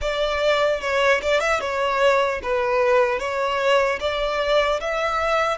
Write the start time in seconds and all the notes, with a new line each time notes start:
0.01 D5
0.80 C#5
1.22 D5
1.40 E5
1.60 C#5
2.43 B4
3.19 C#5
4.00 D5
4.80 E5